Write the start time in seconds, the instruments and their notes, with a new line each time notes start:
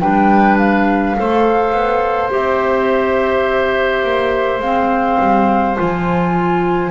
0.00 double bass G3, clarinet D4, oboe B4, flute G5
0.58 flute F5
1.18 double bass A3, clarinet A4, oboe C5
1.72 double bass B3
2.30 double bass C4, clarinet G4, flute E5
4.04 double bass A#3
4.59 double bass G#3, clarinet C4, flute F5
5.20 double bass G3
5.76 double bass F3, clarinet F4, flute G#5